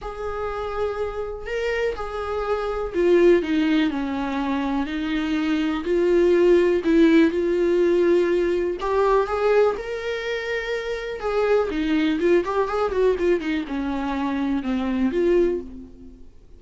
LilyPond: \new Staff \with { instrumentName = "viola" } { \time 4/4 \tempo 4 = 123 gis'2. ais'4 | gis'2 f'4 dis'4 | cis'2 dis'2 | f'2 e'4 f'4~ |
f'2 g'4 gis'4 | ais'2. gis'4 | dis'4 f'8 g'8 gis'8 fis'8 f'8 dis'8 | cis'2 c'4 f'4 | }